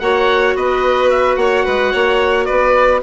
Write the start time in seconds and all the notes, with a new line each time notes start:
0.00 A#3 F#4 C#5 F#5
0.55 B3 B4 D#5
1.10 E5
1.36 A#3 C#5 F#5
1.65 G#3 B4
1.93 A#3 C#5
2.46 B3 B4 D5